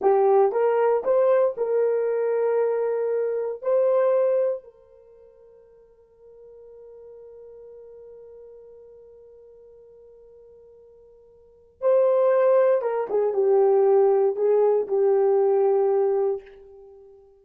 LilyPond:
\new Staff \with { instrumentName = "horn" } { \time 4/4 \tempo 4 = 117 g'4 ais'4 c''4 ais'4~ | ais'2. c''4~ | c''4 ais'2.~ | ais'1~ |
ais'1~ | ais'2. c''4~ | c''4 ais'8 gis'8 g'2 | gis'4 g'2. | }